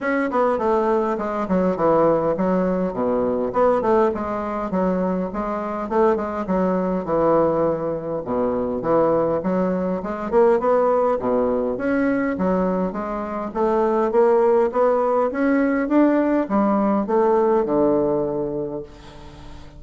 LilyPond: \new Staff \with { instrumentName = "bassoon" } { \time 4/4 \tempo 4 = 102 cis'8 b8 a4 gis8 fis8 e4 | fis4 b,4 b8 a8 gis4 | fis4 gis4 a8 gis8 fis4 | e2 b,4 e4 |
fis4 gis8 ais8 b4 b,4 | cis'4 fis4 gis4 a4 | ais4 b4 cis'4 d'4 | g4 a4 d2 | }